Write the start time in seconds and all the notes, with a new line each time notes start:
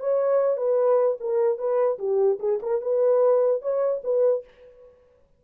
0.00 C#5
0.57 B4
1.20 A#4
1.58 B4
1.99 G4
2.40 G#4
2.62 A#4
2.82 B4
3.62 C#5
4.04 B4